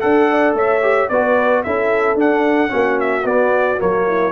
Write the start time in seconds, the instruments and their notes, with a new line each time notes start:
0.00 tuba D4, trombone A4, horn A4, trumpet F#5
0.31 horn D5
0.53 tuba A3, horn C#5, trumpet E5
0.82 trombone G4
1.09 tuba B3, trombone F#4, horn B4, trumpet D5
1.63 tuba C#4, trombone E4, horn A4, trumpet E5
2.15 tuba D4, trombone D4, trumpet F#5
2.68 tuba A#3, trombone C#4, horn F#4
3.00 trumpet E5
3.25 tuba B3, trombone B3, trumpet D5
3.78 tuba F#3, trombone A#3, trumpet C#5
4.07 horn E4